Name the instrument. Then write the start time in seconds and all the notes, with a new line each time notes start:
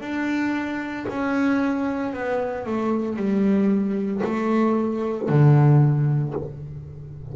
double bass
0.00 D4
1.08 C#4
2.13 B3
2.66 A3
3.16 G3
4.24 A3
5.28 D3